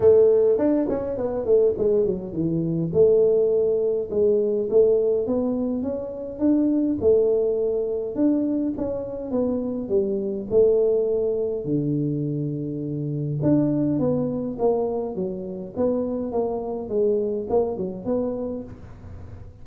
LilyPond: \new Staff \with { instrumentName = "tuba" } { \time 4/4 \tempo 4 = 103 a4 d'8 cis'8 b8 a8 gis8 fis8 | e4 a2 gis4 | a4 b4 cis'4 d'4 | a2 d'4 cis'4 |
b4 g4 a2 | d2. d'4 | b4 ais4 fis4 b4 | ais4 gis4 ais8 fis8 b4 | }